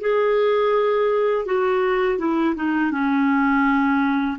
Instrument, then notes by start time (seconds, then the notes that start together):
clarinet
0.00 G#4
1.46 F#4
2.18 E4
2.55 D#4
2.91 C#4